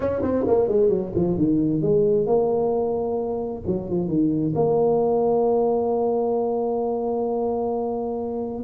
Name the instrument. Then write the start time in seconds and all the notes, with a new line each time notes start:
tuba
0.00 C#4
0.22 C4
0.47 A#3
0.68 G#3
0.89 F#3
1.15 F3
1.37 D#3
1.82 G#3
2.26 A#3
3.67 F#3
3.89 F3
4.08 D#3
4.55 A#3